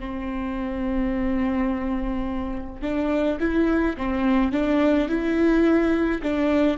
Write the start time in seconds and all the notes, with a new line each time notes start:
0.00 C4
2.82 D4
3.40 E4
3.98 C4
4.52 D4
5.09 E4
6.23 D4